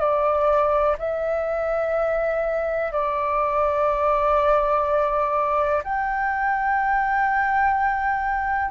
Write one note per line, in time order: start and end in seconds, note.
0.00 0.97 D5
0.99 2.93 E5
2.93 5.83 D5
5.84 8.71 G5